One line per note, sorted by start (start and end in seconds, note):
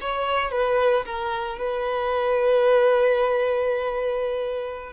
0.00 0.51 C#5
0.51 1.05 B4
1.05 1.58 A#4
1.58 4.92 B4